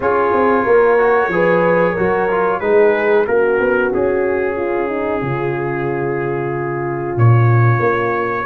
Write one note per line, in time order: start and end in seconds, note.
0.00 0.32 C#4
0.00 0.98 F4
0.00 0.64 G#4
0.00 2.60 C#5
0.32 0.65 C4
0.64 1.28 A#3
0.64 1.29 A#4
0.98 1.31 F#4
1.28 1.93 F3
1.28 1.96 G#4
1.28 1.92 B4
1.92 2.29 F#4
1.92 2.57 A#4
1.98 2.61 F#3
2.31 2.61 F4
2.60 3.26 G#3
2.60 3.26 D#4
2.60 3.27 G#4
2.60 3.25 B4
3.26 3.60 A#3
3.26 8.45 C#4
3.26 4.55 F#4
3.26 3.92 A#4
3.60 3.92 B3
3.93 5.22 C#4
3.93 7.18 G#4
4.55 4.88 F4
4.88 5.20 D#4
5.21 7.16 C#3
5.21 8.45 F4
7.16 7.79 A#2
7.16 8.45 C#5
7.79 8.44 A#3